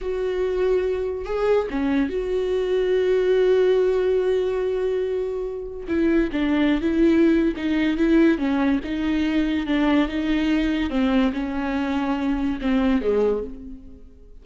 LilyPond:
\new Staff \with { instrumentName = "viola" } { \time 4/4 \tempo 4 = 143 fis'2. gis'4 | cis'4 fis'2.~ | fis'1~ | fis'2 e'4 d'4~ |
d'16 e'4.~ e'16 dis'4 e'4 | cis'4 dis'2 d'4 | dis'2 c'4 cis'4~ | cis'2 c'4 gis4 | }